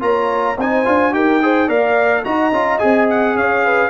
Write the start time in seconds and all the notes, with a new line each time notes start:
0.00 A#3 F4 C#5 A#5
0.57 C4 D#4 C5 G#5
0.85 D4 F4
1.12 D#4 G4 A#4 G5
1.42 G#4 C5
1.67 A#3 A#4 D5 F5
2.24 D#4 F#4 D#5 A#5
2.52 C#4 F4
2.78 C4 G#4 G#5
3.10 F#5
3.35 C#4 C#5 F5
3.64 B4